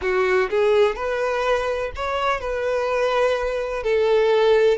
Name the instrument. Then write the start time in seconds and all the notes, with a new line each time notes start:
violin
0.01 F#4
0.50 G#4
0.95 B4
1.95 C#5
2.40 B4
3.83 A4